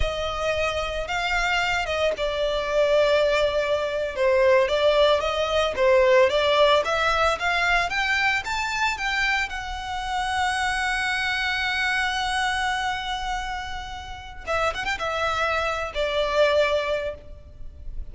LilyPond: \new Staff \with { instrumentName = "violin" } { \time 4/4 \tempo 4 = 112 dis''2 f''4. dis''8 | d''2.~ d''8. c''16~ | c''8. d''4 dis''4 c''4 d''16~ | d''8. e''4 f''4 g''4 a''16~ |
a''8. g''4 fis''2~ fis''16~ | fis''1~ | fis''2. e''8 fis''16 g''16 | e''4.~ e''16 d''2~ d''16 | }